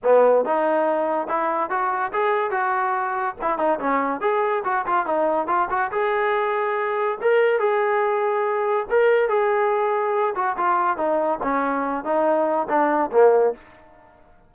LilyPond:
\new Staff \with { instrumentName = "trombone" } { \time 4/4 \tempo 4 = 142 b4 dis'2 e'4 | fis'4 gis'4 fis'2 | e'8 dis'8 cis'4 gis'4 fis'8 f'8 | dis'4 f'8 fis'8 gis'2~ |
gis'4 ais'4 gis'2~ | gis'4 ais'4 gis'2~ | gis'8 fis'8 f'4 dis'4 cis'4~ | cis'8 dis'4. d'4 ais4 | }